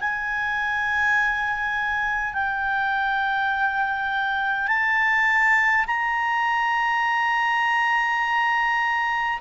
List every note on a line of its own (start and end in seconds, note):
0.00 2.34 G#5
2.34 4.68 G5
4.68 5.86 A5
5.87 9.40 A#5